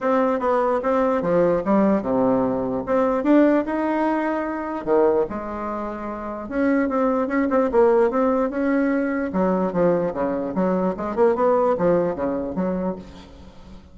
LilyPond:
\new Staff \with { instrumentName = "bassoon" } { \time 4/4 \tempo 4 = 148 c'4 b4 c'4 f4 | g4 c2 c'4 | d'4 dis'2. | dis4 gis2. |
cis'4 c'4 cis'8 c'8 ais4 | c'4 cis'2 fis4 | f4 cis4 fis4 gis8 ais8 | b4 f4 cis4 fis4 | }